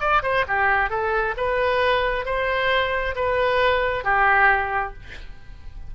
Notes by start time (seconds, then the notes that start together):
0.00 D5
0.23 C5
0.48 G4
0.90 A4
1.37 B4
2.26 C5
3.16 B4
4.04 G4